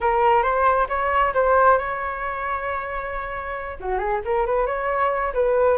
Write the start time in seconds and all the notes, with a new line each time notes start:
0.00 A#4
0.42 C5
0.88 C#5
1.34 C5
1.77 C#5
3.80 F#4
3.98 G#4
4.24 A#4
4.46 B4
4.66 C#5
5.34 B4